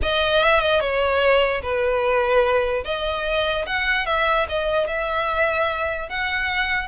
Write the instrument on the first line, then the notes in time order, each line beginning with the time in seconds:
violin
0.02 D#5
0.43 E5
0.60 D#5
0.80 C#5
1.62 B4
2.84 D#5
3.66 F#5
4.05 E5
4.48 D#5
4.87 E5
6.09 F#5